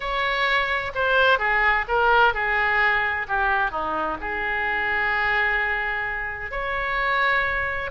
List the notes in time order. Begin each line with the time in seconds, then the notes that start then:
0.00 C#5
0.94 C5
1.38 G#4
1.88 A#4
2.34 G#4
3.28 G4
3.71 D#4
4.20 G#4
6.51 C#5